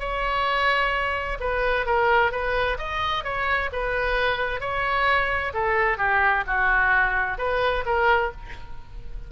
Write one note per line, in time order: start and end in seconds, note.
0.00 1.38 C#5
1.40 1.87 B4
1.87 2.32 A#4
2.32 2.78 B4
2.79 3.24 D#5
3.24 3.70 C#5
3.73 4.61 B4
4.61 5.53 C#5
5.54 5.98 A4
5.98 6.44 G4
6.47 7.39 F#4
7.39 7.85 B4
7.86 8.32 A#4